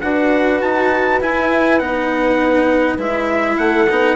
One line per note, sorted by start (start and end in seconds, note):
0.00 0.62 D4
0.00 1.21 F#4
0.00 3.59 B4
0.00 0.59 F#5
0.61 1.21 D#4
0.61 1.20 A5
1.21 1.80 E4
1.21 1.79 E4
1.21 1.78 G#5
1.78 2.97 B3
1.78 2.98 D#4
1.78 2.97 F#5
2.97 3.56 G#3
2.97 3.87 E4
2.97 3.58 E5
3.57 3.87 A3
3.57 4.16 A4
3.57 4.16 F#5
3.89 4.16 B3
3.89 4.16 D#4